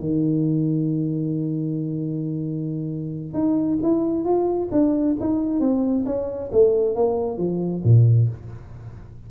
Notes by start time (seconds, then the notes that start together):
0.00 D#3
3.34 D#4
3.83 E4
4.25 F4
4.72 D4
5.20 D#4
5.60 C4
6.06 C#4
6.52 A3
6.95 A#3
7.38 F3
7.85 A#2